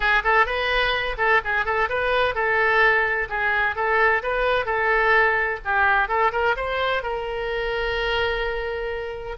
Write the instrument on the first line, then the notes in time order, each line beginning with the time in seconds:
oboe
0.00 G#4
0.24 A4
0.46 B4
1.17 A4
1.44 G#4
1.65 A4
1.89 B4
2.34 A4
3.29 G#4
3.75 A4
4.23 B4
4.65 A4
5.64 G4
6.08 A4
6.32 A#4
6.56 C5
7.02 A#4